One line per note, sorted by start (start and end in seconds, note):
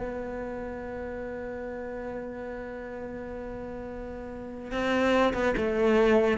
0.00 4.72 B3
4.72 5.33 C4
5.34 5.55 B3
5.57 6.38 A3